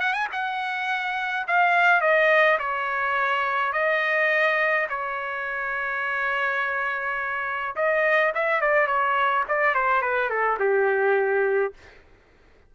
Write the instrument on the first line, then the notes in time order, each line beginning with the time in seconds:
trumpet
0.00 F#5
0.13 G#5
0.32 F#5
1.47 F5
2.01 D#5
2.59 C#5
3.72 D#5
4.90 C#5
7.76 D#5
8.35 E5
8.61 D5
8.87 C#5
9.48 D5
9.75 C5
10.02 B4
10.30 A4
10.59 G4